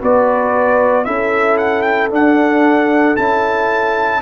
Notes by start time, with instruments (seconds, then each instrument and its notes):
0.00 tuba B3, trombone F#4, horn B4, trumpet D5
1.05 tuba C#4, trombone E4, horn A4, trumpet E5
1.58 trumpet F#5
1.82 trumpet G5
2.10 trombone D4, tuba D4, trumpet F#5
3.16 tuba C#4, trombone E4, trumpet A5